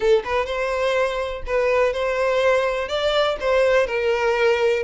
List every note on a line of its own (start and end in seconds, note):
0.00 0.23 A4
0.24 0.46 B4
0.46 1.43 C5
1.46 1.93 B4
1.93 2.88 C5
2.88 3.37 D5
3.40 3.86 C5
3.86 4.83 A#4